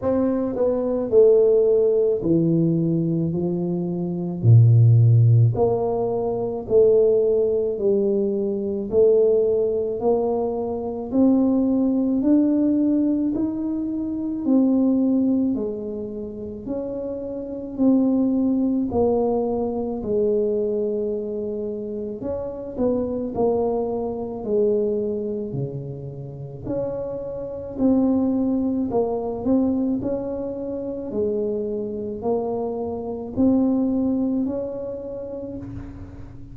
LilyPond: \new Staff \with { instrumentName = "tuba" } { \time 4/4 \tempo 4 = 54 c'8 b8 a4 e4 f4 | ais,4 ais4 a4 g4 | a4 ais4 c'4 d'4 | dis'4 c'4 gis4 cis'4 |
c'4 ais4 gis2 | cis'8 b8 ais4 gis4 cis4 | cis'4 c'4 ais8 c'8 cis'4 | gis4 ais4 c'4 cis'4 | }